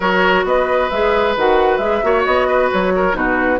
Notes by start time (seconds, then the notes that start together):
0.00 F#3 F#4 A#4 C#5
0.44 B3 B4 D#5
0.90 G#3 G#4 E5
1.36 D#3 F#4 F#5
1.77 G#3 G#4 E5
2.03 A#3 F#4 C#5
2.24 B3 D#5
2.47 B4
2.72 F#3 C#5
2.95 A#4
3.12 B2 D#4 F#4 B4